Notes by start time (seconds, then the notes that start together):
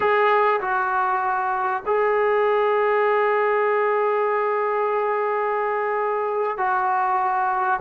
0.00 G#4
0.60 F#4
1.85 G#4
6.57 F#4